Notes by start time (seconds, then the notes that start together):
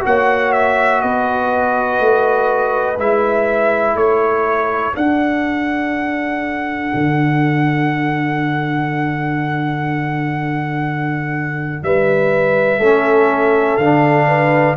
0.00 A#3 F#4 C#5 F#5
0.52 E5
1.01 B3 B4 D#5
2.00 A3
2.98 G#3 E4 E5
3.94 A3 A4 C#5
4.93 D4 F#5
6.94 D3
11.82 G3 B4 E5
12.78 A3 C#4 A4
13.77 D3 D4 F5
14.28 B4